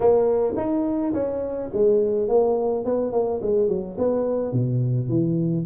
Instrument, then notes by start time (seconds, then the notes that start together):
tuba
0.00 A#3
0.56 D#4
1.13 C#4
1.73 G#3
2.28 A#3
2.84 B3
3.12 A#3
3.42 G#3
3.68 F#3
3.98 B3
4.52 B2
5.08 E3